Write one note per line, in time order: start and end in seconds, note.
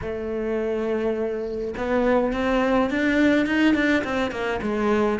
0.01 1.74 A3
1.77 2.33 B3
2.33 2.90 C4
2.90 3.45 D4
3.45 3.74 D#4
3.74 4.03 D4
4.04 4.31 C4
4.31 4.59 A#3
4.62 5.19 G#3